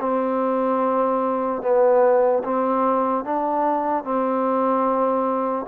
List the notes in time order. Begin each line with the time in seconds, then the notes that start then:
0.00 C4
1.62 B3
2.44 C4
3.24 D4
4.04 C4